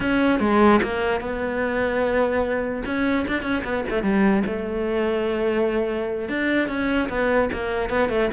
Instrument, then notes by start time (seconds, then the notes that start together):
cello
0.00 C#4
0.39 G#3
0.82 A#3
1.20 B3
2.85 C#4
3.27 D4
3.42 C#4
3.64 B3
3.89 A3
4.02 G3
4.46 A3
6.29 D4
6.68 C#4
7.09 B3
7.53 A#3
7.89 B3
8.09 A3